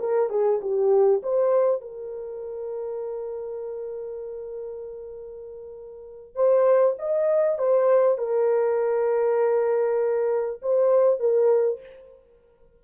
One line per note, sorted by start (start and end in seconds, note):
0.00 0.30 A#4
0.30 0.60 G#4
0.61 1.22 G4
1.23 1.82 C5
1.82 6.35 A#4
6.35 6.96 C5
6.99 7.59 D#5
7.59 8.18 C5
8.18 10.61 A#4
10.62 11.20 C5
11.20 11.80 A#4